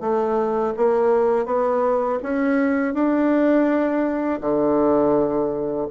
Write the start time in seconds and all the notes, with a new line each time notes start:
0.00 A3
0.76 A#3
1.46 B3
2.23 C#4
2.94 D4
4.41 D3